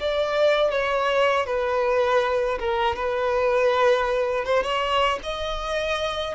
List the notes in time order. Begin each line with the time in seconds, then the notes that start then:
0.00 D5
0.71 C#5
1.46 B4
2.60 A#4
2.96 B4
4.45 C5
4.63 C#5
5.23 D#5